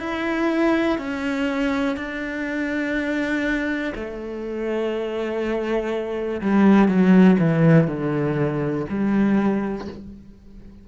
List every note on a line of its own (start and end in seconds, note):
0.00 0.98 E4
0.98 1.97 C#4
1.97 3.93 D4
3.95 6.41 A3
6.42 6.88 G3
6.88 7.37 F#3
7.39 7.87 E3
7.87 8.86 D3
8.89 9.88 G3